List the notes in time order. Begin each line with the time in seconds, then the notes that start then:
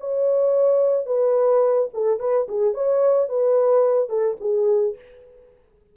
0.00 C#5
1.06 B4
1.93 A4
2.20 B4
2.48 G#4
2.74 C#5
3.29 B4
4.09 A4
4.40 G#4